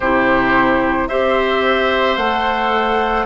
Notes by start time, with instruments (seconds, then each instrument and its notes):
0.00 bassoon C3, clarinet E4, oboe G4, flute C5
1.08 bassoon C4, clarinet G4, oboe C5, flute E5
2.17 bassoon A3, clarinet A4, flute F#5